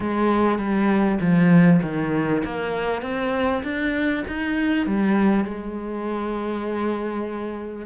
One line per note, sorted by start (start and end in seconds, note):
0.00 0.58 G#3
0.58 1.18 G3
1.20 1.80 F3
1.82 2.43 D#3
2.44 3.02 A#3
3.02 3.62 C4
3.63 4.23 D4
4.27 4.86 D#4
4.86 5.44 G3
5.44 7.86 G#3